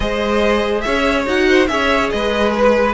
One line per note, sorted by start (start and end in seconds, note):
0.00 0.85 G#3
0.00 1.26 G#4
0.00 0.84 C5
0.00 0.81 D#5
0.81 1.26 C#4
0.81 1.47 C#5
0.81 1.23 E5
1.26 1.68 D#4
1.26 1.68 F#4
1.26 1.67 F#5
1.48 1.69 C5
1.67 2.11 C#4
1.67 2.94 G#4
1.67 2.13 C#5
1.67 2.09 E5
2.10 2.94 G#3
2.10 2.94 B4
2.10 2.52 D#5
2.57 2.94 B4